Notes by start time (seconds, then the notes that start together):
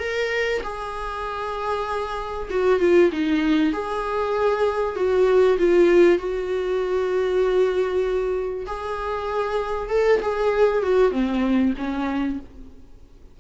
0.00 A#4
0.64 G#4
2.50 F#4
2.80 F4
3.12 D#4
3.73 G#4
4.96 F#4
5.59 F4
6.19 F#4
8.67 G#4
9.90 A4
10.22 G#4
10.83 F#4
11.12 C4
11.78 C#4